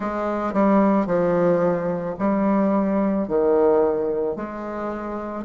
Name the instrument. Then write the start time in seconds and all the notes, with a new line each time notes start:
bassoon
0.00 G#3
0.53 G3
1.06 F3
2.18 G3
3.27 D#3
4.35 G#3